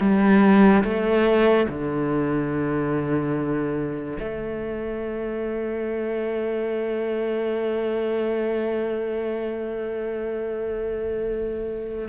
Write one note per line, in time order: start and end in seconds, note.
0.00 0.83 G3
0.84 1.67 A3
1.68 4.18 D3
4.19 12.08 A3